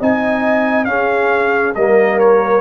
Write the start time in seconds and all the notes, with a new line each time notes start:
0.00 C4 D#4 D#5 G#5
0.85 C#4 G#4 F5
1.75 G3 A#3 A#4 D#5
2.19 C#5